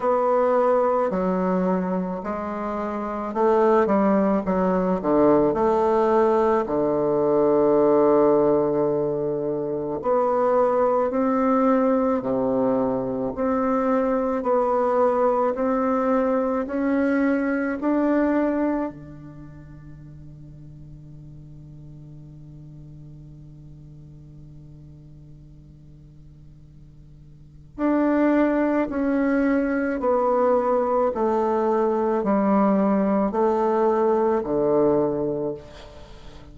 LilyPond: \new Staff \with { instrumentName = "bassoon" } { \time 4/4 \tempo 4 = 54 b4 fis4 gis4 a8 g8 | fis8 d8 a4 d2~ | d4 b4 c'4 c4 | c'4 b4 c'4 cis'4 |
d'4 d2.~ | d1~ | d4 d'4 cis'4 b4 | a4 g4 a4 d4 | }